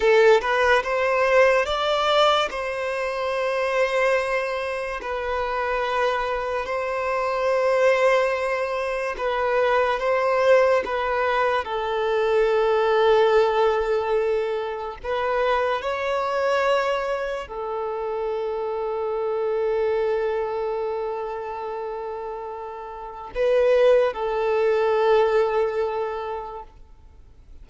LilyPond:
\new Staff \with { instrumentName = "violin" } { \time 4/4 \tempo 4 = 72 a'8 b'8 c''4 d''4 c''4~ | c''2 b'2 | c''2. b'4 | c''4 b'4 a'2~ |
a'2 b'4 cis''4~ | cis''4 a'2.~ | a'1 | b'4 a'2. | }